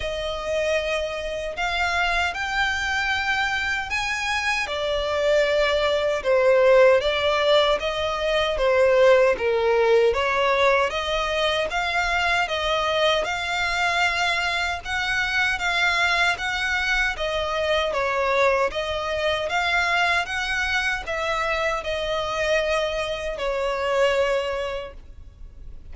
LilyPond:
\new Staff \with { instrumentName = "violin" } { \time 4/4 \tempo 4 = 77 dis''2 f''4 g''4~ | g''4 gis''4 d''2 | c''4 d''4 dis''4 c''4 | ais'4 cis''4 dis''4 f''4 |
dis''4 f''2 fis''4 | f''4 fis''4 dis''4 cis''4 | dis''4 f''4 fis''4 e''4 | dis''2 cis''2 | }